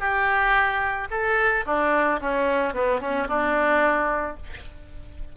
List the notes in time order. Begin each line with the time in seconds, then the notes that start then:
0.00 G4
1.11 A4
1.66 D4
2.21 C#4
2.73 B3
3.00 C#4
3.29 D4